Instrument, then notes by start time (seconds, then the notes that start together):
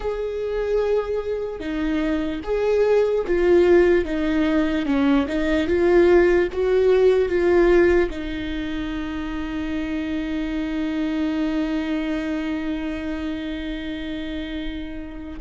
viola
0.00 G#4
1.60 D#4
2.43 G#4
3.27 F4
4.04 D#4
4.85 C#4
5.27 D#4
5.67 F4
6.52 F#4
7.28 F4
8.10 D#4